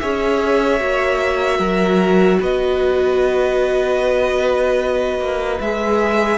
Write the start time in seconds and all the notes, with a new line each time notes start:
0.00 C#4 G#4 C#5 E5
0.80 A#3 F#4
1.58 F#3 A#4
2.41 B3 B4 D#5
5.19 A#3
5.61 G#3 G#4 E5